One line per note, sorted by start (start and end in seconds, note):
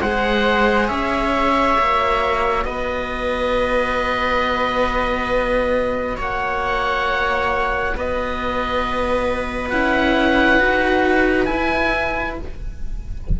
0.00 0.89 G#3
0.00 1.79 G#4
0.00 0.87 C5
0.00 0.88 F#5
0.87 1.77 C#4
0.87 2.64 C#5
0.87 2.64 E5
1.78 2.64 A#3
1.78 9.72 F#4
2.64 6.17 B3
2.64 6.16 B4
2.64 6.17 D#5
6.16 7.94 A#3
6.16 7.92 C#5
6.16 7.97 F#5
7.96 9.72 B3
7.96 12.37 B4
7.96 9.69 D#5
9.69 10.60 C#4
9.69 10.58 E4
9.69 11.45 F#5
10.58 11.48 D#4
10.58 11.45 F#4
11.45 12.33 E4
11.45 12.33 G#5
11.51 12.40 E4